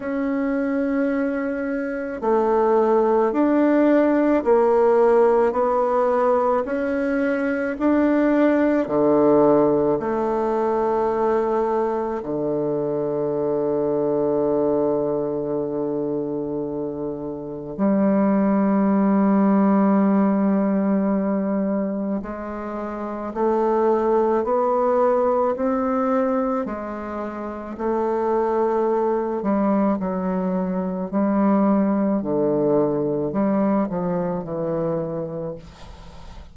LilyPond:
\new Staff \with { instrumentName = "bassoon" } { \time 4/4 \tempo 4 = 54 cis'2 a4 d'4 | ais4 b4 cis'4 d'4 | d4 a2 d4~ | d1 |
g1 | gis4 a4 b4 c'4 | gis4 a4. g8 fis4 | g4 d4 g8 f8 e4 | }